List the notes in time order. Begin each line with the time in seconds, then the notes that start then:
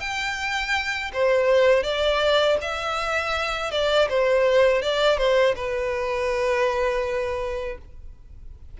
0.00 G5
1.13 C5
1.84 D5
2.61 E5
3.71 D5
4.09 C5
4.82 D5
5.18 C5
5.56 B4